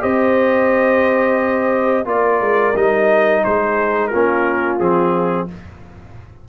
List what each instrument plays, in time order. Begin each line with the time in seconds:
0.00 tuba C4, trombone G4, horn C5, trumpet D#5
2.06 tuba A#3, trombone F4, horn A#4, trumpet D5
2.40 tuba G#3
2.75 tuba G3, trombone D#4, trumpet D#5
3.44 tuba G#3, horn G#4, trumpet C5
4.08 tuba A#3, horn F4, trumpet A#4
4.14 trombone C#4
4.80 tuba F3, trombone C4, trumpet G#4